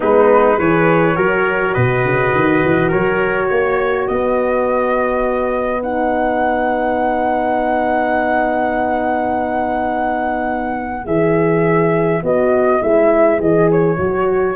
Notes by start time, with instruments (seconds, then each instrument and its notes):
0.00 tuba G#3, horn B3, trumpet D#4, flute B4
0.58 tuba E3, horn G#4, trumpet B4, flute C#5
1.15 tuba F#3, horn F#4, trumpet A#4
1.73 tuba B2, trumpet B4, flute D#5
2.04 tuba C#3
2.34 tuba D#3
2.64 tuba E3
2.88 tuba F#3, trumpet A#4, flute C#5
3.49 tuba A#3, trumpet C#5
4.06 tuba B3, trumpet B4, flute D#5
5.82 horn D#4, flute F#5
11.04 tuba E3, horn G#4, flute E5
12.22 tuba B3, horn F#4, flute D#5
12.82 tuba G#3, horn E4, flute E5
13.39 tuba E3, horn G#4, flute D#5
13.71 flute C#5
13.98 tuba F#3, horn F#4